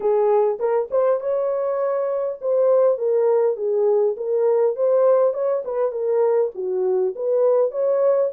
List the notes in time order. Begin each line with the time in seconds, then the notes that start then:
0.00 G#4
0.59 A#4
0.90 C5
1.20 C#5
2.41 C5
2.98 A#4
3.56 G#4
4.16 A#4
4.76 C5
5.33 C#5
5.64 B4
5.91 A#4
6.55 F#4
7.15 B4
7.71 C#5